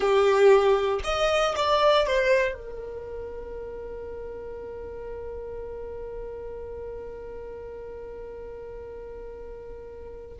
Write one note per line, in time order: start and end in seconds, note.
0.00 1.00 G4
1.04 1.55 D#5
1.55 2.07 D5
2.07 2.54 C5
2.54 10.36 A#4